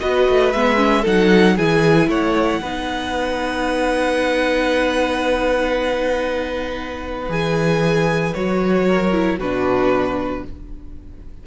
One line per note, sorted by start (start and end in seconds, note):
0.00 0.28 B3
0.00 0.52 F#4
0.00 1.01 B4
0.00 0.52 D#5
0.29 0.53 A3
0.52 1.05 G#3
0.52 0.77 B3
0.52 1.04 E5
0.77 1.03 C#4
1.01 1.58 F#3
1.01 1.57 D#4
1.01 1.53 A4
1.01 1.57 F#5
1.56 2.08 E3
1.56 2.63 E4
1.56 2.08 G#4
1.56 2.10 G#5
2.08 2.60 A3
2.08 2.61 C#5
2.08 7.32 F#5
2.62 7.29 B3
2.62 7.29 D#4
2.62 8.87 B4
7.29 8.33 E3
7.29 8.33 G#4
7.29 8.33 G#5
8.33 9.39 F#3
8.33 9.12 F#4
8.33 9.38 C#5
8.87 9.38 A#4
9.12 9.38 E4
9.38 10.43 B2
9.38 10.46 D4
9.38 10.43 F#4
9.38 10.44 B4